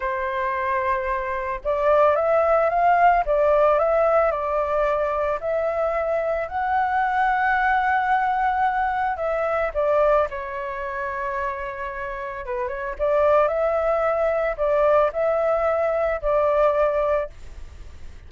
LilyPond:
\new Staff \with { instrumentName = "flute" } { \time 4/4 \tempo 4 = 111 c''2. d''4 | e''4 f''4 d''4 e''4 | d''2 e''2 | fis''1~ |
fis''4 e''4 d''4 cis''4~ | cis''2. b'8 cis''8 | d''4 e''2 d''4 | e''2 d''2 | }